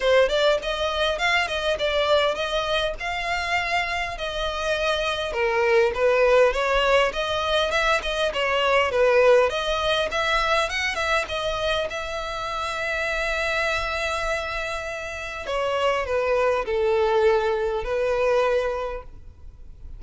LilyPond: \new Staff \with { instrumentName = "violin" } { \time 4/4 \tempo 4 = 101 c''8 d''8 dis''4 f''8 dis''8 d''4 | dis''4 f''2 dis''4~ | dis''4 ais'4 b'4 cis''4 | dis''4 e''8 dis''8 cis''4 b'4 |
dis''4 e''4 fis''8 e''8 dis''4 | e''1~ | e''2 cis''4 b'4 | a'2 b'2 | }